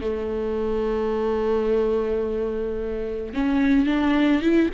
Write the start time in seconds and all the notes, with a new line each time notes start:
0.00 A3
3.33 C#4
3.86 D4
4.41 E4